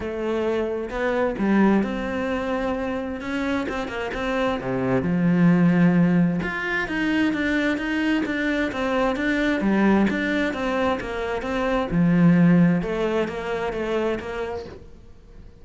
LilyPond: \new Staff \with { instrumentName = "cello" } { \time 4/4 \tempo 4 = 131 a2 b4 g4 | c'2. cis'4 | c'8 ais8 c'4 c4 f4~ | f2 f'4 dis'4 |
d'4 dis'4 d'4 c'4 | d'4 g4 d'4 c'4 | ais4 c'4 f2 | a4 ais4 a4 ais4 | }